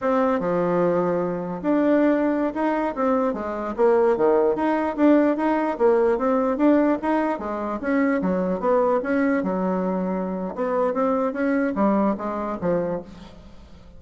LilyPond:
\new Staff \with { instrumentName = "bassoon" } { \time 4/4 \tempo 4 = 148 c'4 f2. | d'2~ d'16 dis'4 c'8.~ | c'16 gis4 ais4 dis4 dis'8.~ | dis'16 d'4 dis'4 ais4 c'8.~ |
c'16 d'4 dis'4 gis4 cis'8.~ | cis'16 fis4 b4 cis'4 fis8.~ | fis2 b4 c'4 | cis'4 g4 gis4 f4 | }